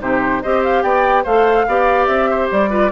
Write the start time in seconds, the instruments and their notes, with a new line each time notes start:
0.00 bassoon C3, clarinet D#4, oboe G4, flute C5
0.42 bassoon C4, clarinet G4, oboe C5, flute D#5
0.63 flute F5
0.82 bassoon B3, oboe D5, flute G5
1.23 bassoon A3, clarinet A4, oboe C5, flute F5
1.67 bassoon B3, clarinet G4, oboe D5
2.06 bassoon C4, flute E5
2.30 oboe C5
2.51 bassoon G3, flute D5
2.69 clarinet F4, oboe B4